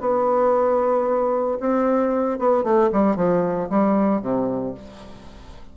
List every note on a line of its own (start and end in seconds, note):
0.00 1.58 B3
1.59 2.38 C4
2.38 2.63 B3
2.63 2.90 A3
2.92 3.16 G3
3.16 3.68 F3
3.69 4.21 G3
4.21 4.74 C3